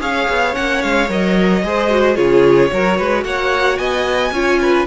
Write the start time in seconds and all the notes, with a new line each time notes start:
0.00 C#4 G#4 C#5 F5
0.29 B3
0.53 A#3 C#4 F#5
0.82 G#3 F5
1.09 F#3 A#4 D#5
1.63 G#3 G#4 C5
1.90 F#4
2.15 C#3 F4 G#4 C#5
2.71 F#3 F#4 A#4
2.97 G#3 B4
3.25 A#3 C#5 F#5
3.78 B3 D#5 G#5
4.31 C#4 F4 C#5
4.61 B4